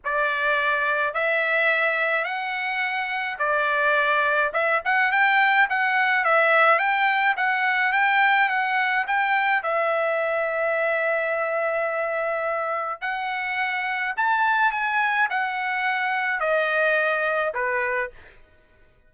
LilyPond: \new Staff \with { instrumentName = "trumpet" } { \time 4/4 \tempo 4 = 106 d''2 e''2 | fis''2 d''2 | e''8 fis''8 g''4 fis''4 e''4 | g''4 fis''4 g''4 fis''4 |
g''4 e''2.~ | e''2. fis''4~ | fis''4 a''4 gis''4 fis''4~ | fis''4 dis''2 b'4 | }